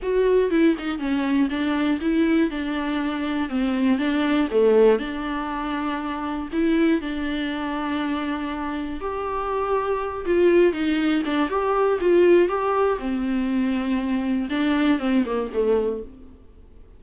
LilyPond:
\new Staff \with { instrumentName = "viola" } { \time 4/4 \tempo 4 = 120 fis'4 e'8 dis'8 cis'4 d'4 | e'4 d'2 c'4 | d'4 a4 d'2~ | d'4 e'4 d'2~ |
d'2 g'2~ | g'8 f'4 dis'4 d'8 g'4 | f'4 g'4 c'2~ | c'4 d'4 c'8 ais8 a4 | }